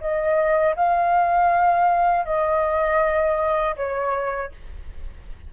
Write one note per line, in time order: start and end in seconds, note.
0.00 0.75 D#5
0.76 2.25 F5
2.25 3.75 D#5
3.76 4.51 C#5